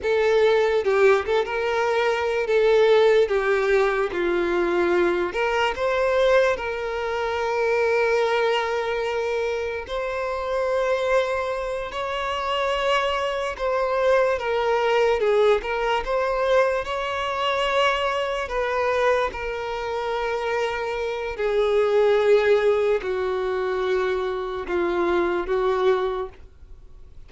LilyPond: \new Staff \with { instrumentName = "violin" } { \time 4/4 \tempo 4 = 73 a'4 g'8 a'16 ais'4~ ais'16 a'4 | g'4 f'4. ais'8 c''4 | ais'1 | c''2~ c''8 cis''4.~ |
cis''8 c''4 ais'4 gis'8 ais'8 c''8~ | c''8 cis''2 b'4 ais'8~ | ais'2 gis'2 | fis'2 f'4 fis'4 | }